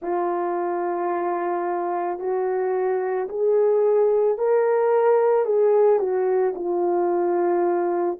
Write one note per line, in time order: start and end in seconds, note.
0.01 2.19 F4
2.19 3.28 F#4
3.28 4.37 G#4
4.37 5.45 A#4
5.45 5.99 G#4
5.99 6.53 F#4
6.55 8.18 F4